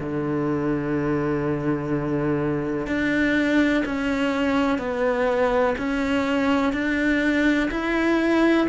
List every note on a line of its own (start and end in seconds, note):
0.00 2.87 D3
2.87 3.84 D4
3.85 4.79 C#4
4.79 5.75 B3
5.78 6.73 C#4
6.73 7.70 D4
7.71 8.67 E4